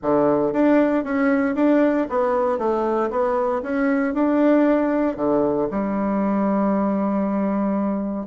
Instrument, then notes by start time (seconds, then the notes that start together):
bassoon
0.02 D3
0.53 D4
1.03 C#4
1.55 D4
2.09 B3
2.58 A3
3.10 B3
3.62 C#4
4.14 D4
5.16 D3
5.70 G3